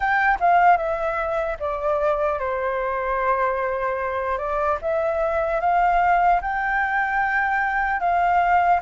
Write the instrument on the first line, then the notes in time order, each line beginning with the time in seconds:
flute
0.00 G5
0.40 F5
0.77 E5
1.59 D5
2.39 C5
4.37 D5
4.81 E5
5.60 F5
6.41 G5
8.00 F5